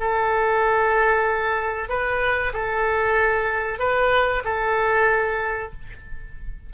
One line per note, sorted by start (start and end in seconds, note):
0.00 1.89 A4
1.89 2.53 B4
2.54 3.79 A4
3.79 4.43 B4
4.45 5.73 A4